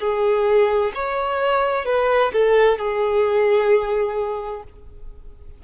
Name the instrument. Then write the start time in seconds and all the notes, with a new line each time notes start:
violin
0.00 G#4
0.95 C#5
1.86 B4
2.33 A4
2.79 G#4